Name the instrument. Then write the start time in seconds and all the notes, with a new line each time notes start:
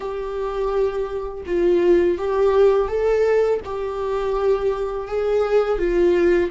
viola
0.00 G4
1.46 F4
2.18 G4
2.88 A4
3.64 G4
5.07 G#4
5.78 F4